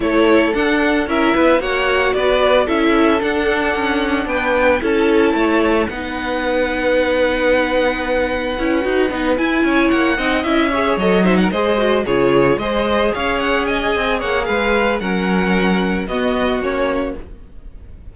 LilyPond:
<<
  \new Staff \with { instrumentName = "violin" } { \time 4/4 \tempo 4 = 112 cis''4 fis''4 e''4 fis''4 | d''4 e''4 fis''2 | g''4 a''2 fis''4~ | fis''1~ |
fis''4. gis''4 fis''4 e''8~ | e''8 dis''8 e''16 fis''16 dis''4 cis''4 dis''8~ | dis''8 f''8 fis''8 gis''4 fis''8 f''4 | fis''2 dis''4 cis''4 | }
  \new Staff \with { instrumentName = "violin" } { \time 4/4 a'2 ais'8 b'8 cis''4 | b'4 a'2. | b'4 a'4 cis''4 b'4~ | b'1~ |
b'2 cis''4 dis''4 | cis''4 c''16 ais'16 c''4 gis'4 c''8~ | c''8 cis''4 dis''4 cis''8 b'4 | ais'2 fis'2 | }
  \new Staff \with { instrumentName = "viola" } { \time 4/4 e'4 d'4 e'4 fis'4~ | fis'4 e'4 d'2~ | d'4 e'2 dis'4~ | dis'1 |
e'8 fis'8 dis'8 e'4. dis'8 e'8 | gis'8 a'8 dis'8 gis'8 fis'8 f'4 gis'8~ | gis'1 | cis'2 b4 cis'4 | }
  \new Staff \with { instrumentName = "cello" } { \time 4/4 a4 d'4 cis'8 b8 ais4 | b4 cis'4 d'4 cis'4 | b4 cis'4 a4 b4~ | b1 |
cis'8 dis'8 b8 e'8 cis'8 ais8 c'8 cis'8~ | cis'8 fis4 gis4 cis4 gis8~ | gis8 cis'4. c'8 ais8 gis4 | fis2 b4 ais4 | }
>>